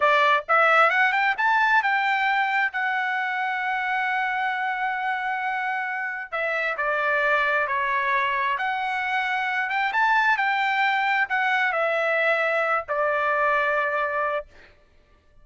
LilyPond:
\new Staff \with { instrumentName = "trumpet" } { \time 4/4 \tempo 4 = 133 d''4 e''4 fis''8 g''8 a''4 | g''2 fis''2~ | fis''1~ | fis''2 e''4 d''4~ |
d''4 cis''2 fis''4~ | fis''4. g''8 a''4 g''4~ | g''4 fis''4 e''2~ | e''8 d''2.~ d''8 | }